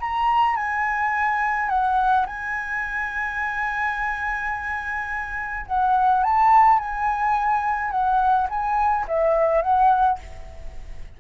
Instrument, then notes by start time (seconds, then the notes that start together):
flute
0.00 A#5
0.56 G#5
1.69 F#5
2.26 G#5
5.67 F#5
6.23 A5
6.79 G#5
7.91 F#5
8.49 G#5
9.07 E5
9.62 F#5